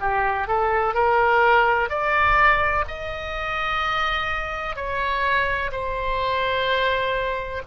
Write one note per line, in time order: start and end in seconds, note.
0.00 0.47 G4
0.47 0.94 A4
0.94 1.89 A#4
1.89 2.84 D5
2.88 4.75 D#5
4.75 5.71 C#5
5.71 7.62 C5